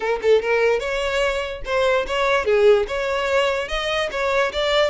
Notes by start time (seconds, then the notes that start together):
0.00 A#4
0.22 A4
0.42 A#4
0.79 C#5
1.65 C5
2.07 C#5
2.45 G#4
2.87 C#5
3.68 D#5
4.11 C#5
4.52 D5